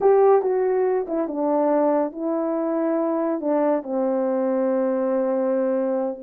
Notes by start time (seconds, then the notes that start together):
0.00 G4
0.42 F#4
1.08 E4
1.27 D4
2.12 E4
3.40 D4
3.83 C4